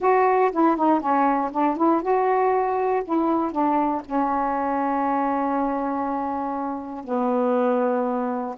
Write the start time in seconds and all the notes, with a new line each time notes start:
0.00 F#4
0.52 E4
0.76 D#4
1.00 C#4
1.51 D4
1.76 E4
2.02 F#4
3.04 E4
3.51 D4
4.05 C#4
7.04 B3